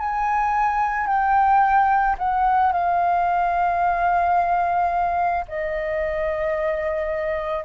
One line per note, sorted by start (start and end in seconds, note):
0.00 1.07 G#5
1.07 2.16 G5
2.19 2.73 F#5
2.73 5.45 F5
5.48 7.65 D#5